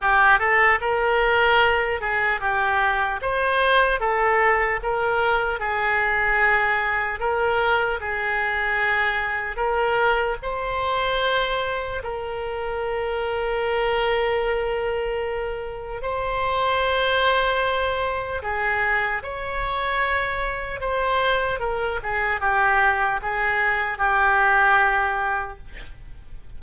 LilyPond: \new Staff \with { instrumentName = "oboe" } { \time 4/4 \tempo 4 = 75 g'8 a'8 ais'4. gis'8 g'4 | c''4 a'4 ais'4 gis'4~ | gis'4 ais'4 gis'2 | ais'4 c''2 ais'4~ |
ais'1 | c''2. gis'4 | cis''2 c''4 ais'8 gis'8 | g'4 gis'4 g'2 | }